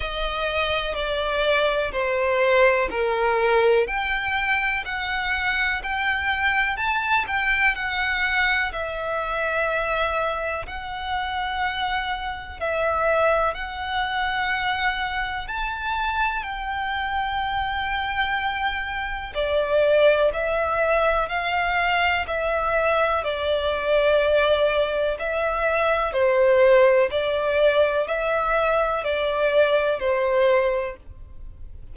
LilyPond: \new Staff \with { instrumentName = "violin" } { \time 4/4 \tempo 4 = 62 dis''4 d''4 c''4 ais'4 | g''4 fis''4 g''4 a''8 g''8 | fis''4 e''2 fis''4~ | fis''4 e''4 fis''2 |
a''4 g''2. | d''4 e''4 f''4 e''4 | d''2 e''4 c''4 | d''4 e''4 d''4 c''4 | }